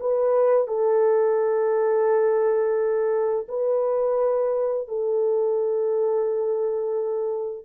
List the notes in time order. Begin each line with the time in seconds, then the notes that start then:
0.00 B4
0.68 A4
3.49 B4
4.88 A4